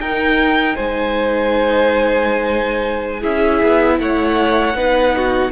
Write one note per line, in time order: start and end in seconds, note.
0.00 0.76 D#4
0.00 3.21 D#4
0.00 0.75 A#4
0.00 0.76 G5
0.75 3.24 G#3
0.75 3.20 C5
0.75 3.23 G#5
3.20 3.62 C#4
3.20 4.73 E4
3.20 3.96 G#4
3.20 3.99 E5
3.62 3.99 B3
3.99 4.74 A3
3.99 4.77 C#5
3.99 5.51 F#5
4.74 5.50 B3
4.74 5.51 D#4
4.74 5.15 B4
5.16 5.51 F#4